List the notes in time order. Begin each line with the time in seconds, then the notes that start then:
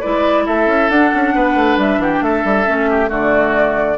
0.00 G#3 E4 B4 D5
0.46 A3 A4 E5
0.66 C#4
0.89 D4 F#5
1.14 C#4
1.35 B3 B4
1.55 A3
1.77 G3 E5
1.98 E3 G4 F#5
2.13 G5
2.22 A3 A4 E5
2.44 G3
2.66 A3 C#4
2.90 G4
3.06 D3 A3 F#4 D5